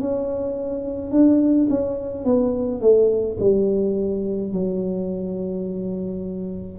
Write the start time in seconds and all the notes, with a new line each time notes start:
0.00 C#4
1.12 D4
1.70 C#4
2.25 B3
2.81 A3
3.40 G3
4.53 F#3